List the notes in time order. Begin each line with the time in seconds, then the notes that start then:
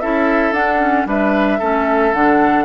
0.00 C#4 E4 A4 E5
0.52 D4 F#5
0.81 C#4
1.06 G3 D4 B4 E5
1.59 A3 C#4 A4
2.14 D3 D4 F#5